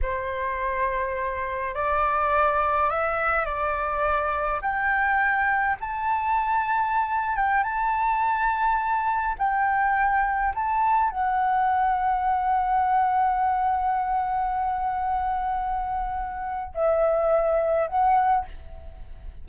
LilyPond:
\new Staff \with { instrumentName = "flute" } { \time 4/4 \tempo 4 = 104 c''2. d''4~ | d''4 e''4 d''2 | g''2 a''2~ | a''8. g''8 a''2~ a''8.~ |
a''16 g''2 a''4 fis''8.~ | fis''1~ | fis''1~ | fis''4 e''2 fis''4 | }